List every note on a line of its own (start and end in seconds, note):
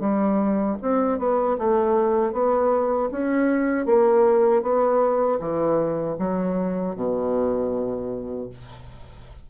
0.00 0.77 G3
0.82 1.19 C4
1.19 1.57 B3
1.59 2.33 A3
2.33 3.10 B3
3.12 3.86 C#4
3.86 4.63 A#3
4.63 5.40 B3
5.40 6.17 E3
6.19 6.96 F#3
6.96 8.50 B2